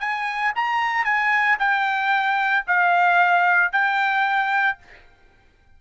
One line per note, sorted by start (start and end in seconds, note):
0.00 0.53 G#5
0.56 1.05 A#5
1.05 1.58 G#5
1.59 2.65 G5
2.67 3.73 F5
3.73 4.79 G5